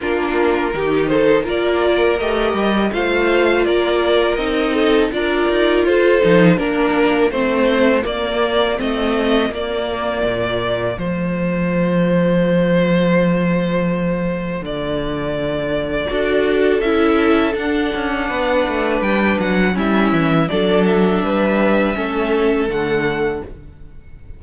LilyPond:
<<
  \new Staff \with { instrumentName = "violin" } { \time 4/4 \tempo 4 = 82 ais'4. c''8 d''4 dis''4 | f''4 d''4 dis''4 d''4 | c''4 ais'4 c''4 d''4 | dis''4 d''2 c''4~ |
c''1 | d''2. e''4 | fis''2 g''8 fis''8 e''4 | d''8 e''2~ e''8 fis''4 | }
  \new Staff \with { instrumentName = "violin" } { \time 4/4 f'4 g'8 a'8 ais'2 | c''4 ais'4. a'8 ais'4 | a'4 f'2.~ | f'1~ |
f'1~ | f'2 a'2~ | a'4 b'2 e'4 | a'4 b'4 a'2 | }
  \new Staff \with { instrumentName = "viola" } { \time 4/4 d'4 dis'4 f'4 g'4 | f'2 dis'4 f'4~ | f'8 dis'8 d'4 c'4 ais4 | c'4 ais2 a4~ |
a1~ | a2 fis'4 e'4 | d'2. cis'4 | d'2 cis'4 a4 | }
  \new Staff \with { instrumentName = "cello" } { \time 4/4 ais4 dis4 ais4 a8 g8 | a4 ais4 c'4 d'8 dis'8 | f'8 f8 ais4 a4 ais4 | a4 ais4 ais,4 f4~ |
f1 | d2 d'4 cis'4 | d'8 cis'8 b8 a8 g8 fis8 g8 e8 | fis4 g4 a4 d4 | }
>>